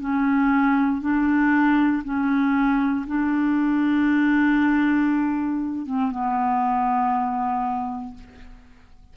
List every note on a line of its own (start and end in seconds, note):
0.00 1.01 C#4
1.01 2.03 D4
2.04 3.06 C#4
3.06 5.86 D4
5.86 6.11 C4
6.11 8.14 B3